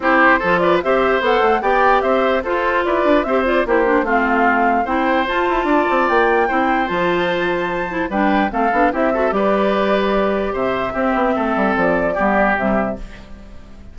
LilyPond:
<<
  \new Staff \with { instrumentName = "flute" } { \time 4/4 \tempo 4 = 148 c''4. d''8 e''4 fis''4 | g''4 e''4 c''4 d''4 | e''8 d''8 c''4 f''2 | g''4 a''2 g''4~ |
g''4 a''2. | g''4 f''4 e''4 d''4~ | d''2 e''2~ | e''4 d''2 e''4 | }
  \new Staff \with { instrumentName = "oboe" } { \time 4/4 g'4 a'8 b'8 c''2 | d''4 c''4 a'4 b'4 | c''4 g'4 f'2 | c''2 d''2 |
c''1 | b'4 a'4 g'8 a'8 b'4~ | b'2 c''4 g'4 | a'2 g'2 | }
  \new Staff \with { instrumentName = "clarinet" } { \time 4/4 e'4 f'4 g'4 a'4 | g'2 f'2 | g'8 f'8 e'8 d'8 c'2 | e'4 f'2. |
e'4 f'2~ f'8 e'8 | d'4 c'8 d'8 e'8 fis'8 g'4~ | g'2. c'4~ | c'2 b4 g4 | }
  \new Staff \with { instrumentName = "bassoon" } { \time 4/4 c'4 f4 c'4 b8 a8 | b4 c'4 f'4 e'8 d'8 | c'4 ais4 a2 | c'4 f'8 e'8 d'8 c'8 ais4 |
c'4 f2. | g4 a8 b8 c'4 g4~ | g2 c4 c'8 b8 | a8 g8 f4 g4 c4 | }
>>